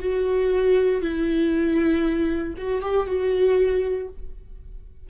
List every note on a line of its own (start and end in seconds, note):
0.00 1.02 F#4
1.02 2.55 E4
2.58 2.82 F#4
2.82 3.07 G4
3.07 4.09 F#4